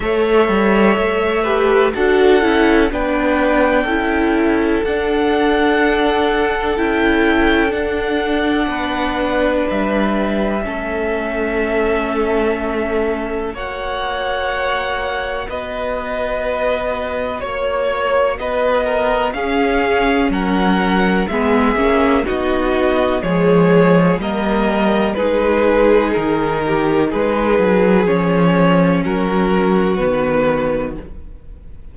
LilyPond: <<
  \new Staff \with { instrumentName = "violin" } { \time 4/4 \tempo 4 = 62 e''2 fis''4 g''4~ | g''4 fis''2 g''4 | fis''2 e''2~ | e''2 fis''2 |
dis''2 cis''4 dis''4 | f''4 fis''4 e''4 dis''4 | cis''4 dis''4 b'4 ais'4 | b'4 cis''4 ais'4 b'4 | }
  \new Staff \with { instrumentName = "violin" } { \time 4/4 cis''4. b'8 a'4 b'4 | a'1~ | a'4 b'2 a'4~ | a'2 cis''2 |
b'2 cis''4 b'8 ais'8 | gis'4 ais'4 gis'4 fis'4 | gis'4 ais'4 gis'4. g'8 | gis'2 fis'2 | }
  \new Staff \with { instrumentName = "viola" } { \time 4/4 a'4. g'8 fis'8 e'8 d'4 | e'4 d'2 e'4 | d'2. cis'4~ | cis'2 fis'2~ |
fis'1 | cis'2 b8 cis'8 dis'4 | gis4 ais4 dis'2~ | dis'4 cis'2 b4 | }
  \new Staff \with { instrumentName = "cello" } { \time 4/4 a8 g8 a4 d'8 cis'8 b4 | cis'4 d'2 cis'4 | d'4 b4 g4 a4~ | a2 ais2 |
b2 ais4 b4 | cis'4 fis4 gis8 ais8 b4 | f4 g4 gis4 dis4 | gis8 fis8 f4 fis4 dis4 | }
>>